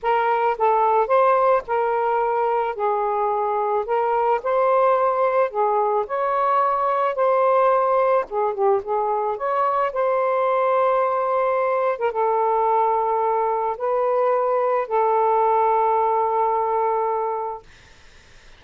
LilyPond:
\new Staff \with { instrumentName = "saxophone" } { \time 4/4 \tempo 4 = 109 ais'4 a'4 c''4 ais'4~ | ais'4 gis'2 ais'4 | c''2 gis'4 cis''4~ | cis''4 c''2 gis'8 g'8 |
gis'4 cis''4 c''2~ | c''4.~ c''16 ais'16 a'2~ | a'4 b'2 a'4~ | a'1 | }